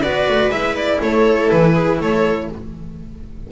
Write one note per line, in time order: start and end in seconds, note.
0.00 0.29 B3
0.00 0.52 F#4
0.00 0.98 B4
0.00 0.51 D5
0.29 0.49 A3
0.49 0.98 G#3
0.49 2.48 E4
0.49 0.76 E5
0.77 1.01 D5
1.01 1.51 A3
1.01 1.74 A4
1.01 1.50 C#5
1.50 2.00 E3
1.50 2.00 B4
1.74 1.99 G#4
2.00 2.50 A3
2.00 2.51 A4
2.00 2.52 C#5